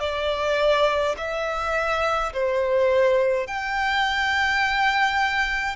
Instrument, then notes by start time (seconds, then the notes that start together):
violin
0.00 D5
1.17 E5
2.33 C5
3.47 G5